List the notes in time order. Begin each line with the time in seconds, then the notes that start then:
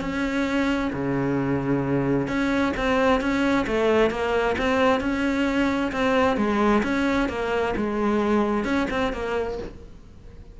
0.00 C#4
0.93 C#3
2.27 C#4
2.77 C4
3.20 C#4
3.67 A3
4.10 A#3
4.58 C4
5.00 C#4
5.92 C4
6.37 G#3
6.83 C#4
7.29 A#3
7.76 G#3
8.64 C#4
8.90 C4
9.13 A#3